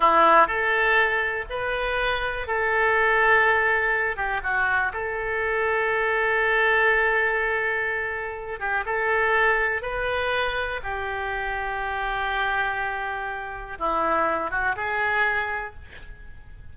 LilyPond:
\new Staff \with { instrumentName = "oboe" } { \time 4/4 \tempo 4 = 122 e'4 a'2 b'4~ | b'4 a'2.~ | a'8 g'8 fis'4 a'2~ | a'1~ |
a'4. g'8 a'2 | b'2 g'2~ | g'1 | e'4. fis'8 gis'2 | }